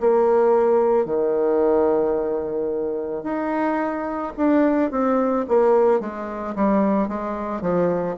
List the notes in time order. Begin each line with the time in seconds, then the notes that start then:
0.00 A#3
1.05 D#3
3.23 D#4
4.37 D4
4.91 C4
5.48 A#3
6.00 G#3
6.56 G3
7.08 G#3
7.61 F3